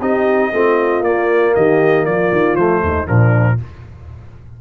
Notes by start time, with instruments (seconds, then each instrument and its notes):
0.00 tuba C4, trombone D#4, horn G4, trumpet D#5
0.53 tuba A3, trombone C4, horn F4
1.00 tuba A#3, trombone A#3, trumpet D5
1.55 tuba D#3, horn G4, trumpet D#5
2.05 tuba F3, horn F4, trumpet D5
2.32 tuba D#3
2.56 tuba F3, trombone A3, trumpet C5
2.82 tuba D#2, horn D#4
3.06 tuba A#2, trombone F3, horn D4, trumpet A#4